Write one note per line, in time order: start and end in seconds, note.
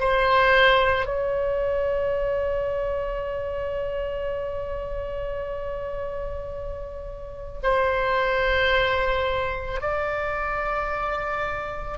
0.00 1.06 C5
1.06 7.60 C#5
7.63 9.81 C5
9.81 11.98 D5